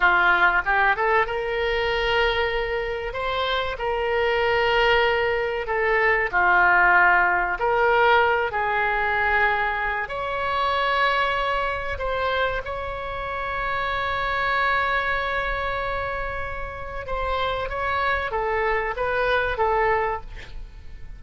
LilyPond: \new Staff \with { instrumentName = "oboe" } { \time 4/4 \tempo 4 = 95 f'4 g'8 a'8 ais'2~ | ais'4 c''4 ais'2~ | ais'4 a'4 f'2 | ais'4. gis'2~ gis'8 |
cis''2. c''4 | cis''1~ | cis''2. c''4 | cis''4 a'4 b'4 a'4 | }